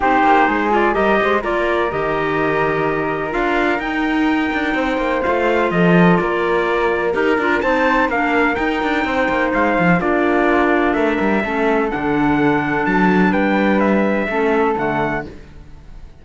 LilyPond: <<
  \new Staff \with { instrumentName = "trumpet" } { \time 4/4 \tempo 4 = 126 c''4. d''8 dis''4 d''4 | dis''2. f''4 | g''2. f''4 | dis''4 d''2 ais'4 |
a''4 f''4 g''2 | f''4 d''2 e''4~ | e''4 fis''2 a''4 | g''4 e''2 fis''4 | }
  \new Staff \with { instrumentName = "flute" } { \time 4/4 g'4 gis'4 ais'8 c''8 ais'4~ | ais'1~ | ais'2 c''2 | a'4 ais'2. |
c''4 ais'2 c''4~ | c''4 f'2 ais'4 | a'1 | b'2 a'2 | }
  \new Staff \with { instrumentName = "clarinet" } { \time 4/4 dis'4. f'8 g'4 f'4 | g'2. f'4 | dis'2. f'4~ | f'2. g'8 f'8 |
dis'4 d'4 dis'2~ | dis'4 d'2. | cis'4 d'2.~ | d'2 cis'4 a4 | }
  \new Staff \with { instrumentName = "cello" } { \time 4/4 c'8 ais8 gis4 g8 gis8 ais4 | dis2. d'4 | dis'4. d'8 c'8 ais8 a4 | f4 ais2 dis'8 d'8 |
c'4 ais4 dis'8 d'8 c'8 ais8 | gis8 f8 ais2 a8 g8 | a4 d2 fis4 | g2 a4 d4 | }
>>